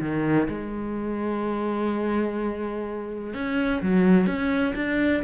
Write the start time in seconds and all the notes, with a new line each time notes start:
0.00 D#3
0.48 G#3
3.34 C#4
3.82 F#3
4.26 C#4
4.75 D4